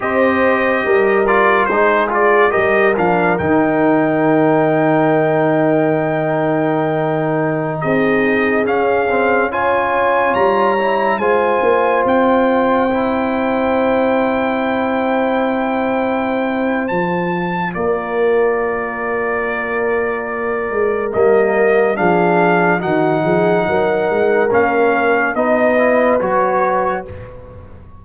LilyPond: <<
  \new Staff \with { instrumentName = "trumpet" } { \time 4/4 \tempo 4 = 71 dis''4. d''8 c''8 d''8 dis''8 f''8 | g''1~ | g''4~ g''16 dis''4 f''4 gis''8.~ | gis''16 ais''4 gis''4 g''4.~ g''16~ |
g''1 | a''4 d''2.~ | d''4 dis''4 f''4 fis''4~ | fis''4 f''4 dis''4 cis''4 | }
  \new Staff \with { instrumentName = "horn" } { \time 4/4 c''4 ais'4 gis'4 ais'4~ | ais'1~ | ais'4~ ais'16 gis'2 cis''8.~ | cis''4~ cis''16 c''2~ c''8.~ |
c''1~ | c''4 ais'2.~ | ais'2 gis'4 fis'8 gis'8 | ais'2 b'2 | }
  \new Staff \with { instrumentName = "trombone" } { \time 4/4 g'4. f'8 dis'8 f'8 g'8 d'8 | dis'1~ | dis'2~ dis'16 cis'8 c'8 f'8.~ | f'8. e'8 f'2 e'8.~ |
e'1 | f'1~ | f'4 ais4 d'4 dis'4~ | dis'4 cis'4 dis'8 e'8 fis'4 | }
  \new Staff \with { instrumentName = "tuba" } { \time 4/4 c'4 g4 gis4 g8 f8 | dis1~ | dis4~ dis16 c'4 cis'4.~ cis'16~ | cis'16 g4 gis8 ais8 c'4.~ c'16~ |
c'1 | f4 ais2.~ | ais8 gis8 g4 f4 dis8 f8 | fis8 gis8 ais4 b4 fis4 | }
>>